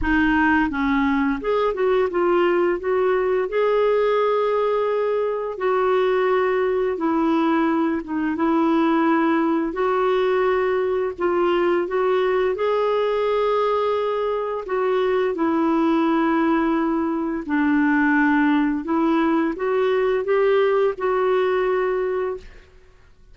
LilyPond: \new Staff \with { instrumentName = "clarinet" } { \time 4/4 \tempo 4 = 86 dis'4 cis'4 gis'8 fis'8 f'4 | fis'4 gis'2. | fis'2 e'4. dis'8 | e'2 fis'2 |
f'4 fis'4 gis'2~ | gis'4 fis'4 e'2~ | e'4 d'2 e'4 | fis'4 g'4 fis'2 | }